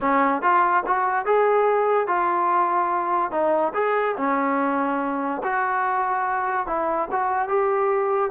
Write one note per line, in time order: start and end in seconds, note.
0.00 0.41 C#4
0.41 0.83 F4
0.86 1.25 F#4
1.25 2.07 G#4
2.07 3.31 F4
3.31 3.72 D#4
3.73 4.15 G#4
4.16 5.41 C#4
5.43 6.66 F#4
6.66 7.08 E4
7.11 7.48 F#4
7.48 8.30 G4